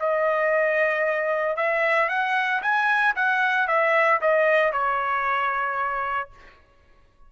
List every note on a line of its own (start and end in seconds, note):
0.00 1.57 D#5
1.57 2.09 E5
2.09 2.62 F#5
2.63 3.15 G#5
3.16 3.68 F#5
3.68 4.21 E5
4.22 4.73 D#5
4.73 6.31 C#5